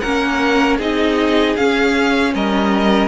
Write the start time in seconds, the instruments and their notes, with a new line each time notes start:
0.00 cello A#3, viola C#4, violin A#4 F#5
0.77 cello C4, viola D#4, violin G#4 D#5
1.56 viola C#4, cello C#4, violin F5
2.34 cello G3, violin A#4 D#5